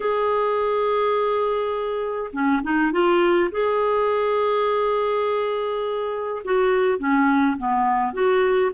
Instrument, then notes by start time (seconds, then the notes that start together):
clarinet
0.00 G#4
2.32 C#4
2.62 D#4
2.92 F4
3.51 G#4
6.44 F#4
6.98 C#4
7.57 B3
8.13 F#4